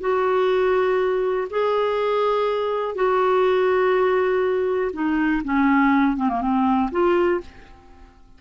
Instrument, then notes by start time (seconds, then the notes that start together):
clarinet
0.00 F#4
1.50 G#4
2.94 F#4
4.93 D#4
5.44 C#4
6.16 C4
6.29 A#3
6.41 C4
6.91 F4